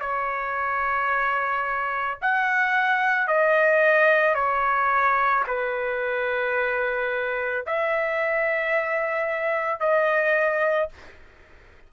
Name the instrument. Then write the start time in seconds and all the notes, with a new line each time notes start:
trumpet
0.00 C#5
2.22 F#5
3.28 D#5
4.35 C#5
5.47 B4
7.67 E5
9.80 D#5